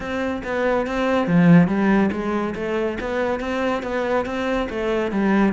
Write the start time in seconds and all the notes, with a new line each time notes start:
0.00 C4
0.44 B3
0.86 C4
1.27 F3
1.67 G3
2.12 G#3
2.55 A3
3.00 B3
3.40 C4
3.83 B3
4.25 C4
4.69 A3
5.11 G3